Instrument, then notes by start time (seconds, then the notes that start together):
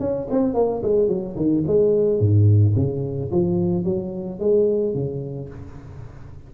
tuba
0.00 C#4
0.31 C4
0.55 A#3
0.83 G#3
1.08 F#3
1.37 D#3
1.67 G#3
2.20 G#2
2.76 C#3
3.32 F3
3.85 F#3
4.40 G#3
4.94 C#3